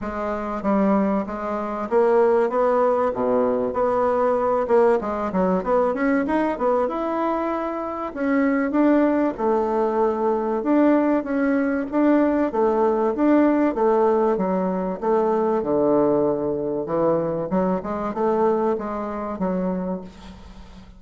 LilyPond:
\new Staff \with { instrumentName = "bassoon" } { \time 4/4 \tempo 4 = 96 gis4 g4 gis4 ais4 | b4 b,4 b4. ais8 | gis8 fis8 b8 cis'8 dis'8 b8 e'4~ | e'4 cis'4 d'4 a4~ |
a4 d'4 cis'4 d'4 | a4 d'4 a4 fis4 | a4 d2 e4 | fis8 gis8 a4 gis4 fis4 | }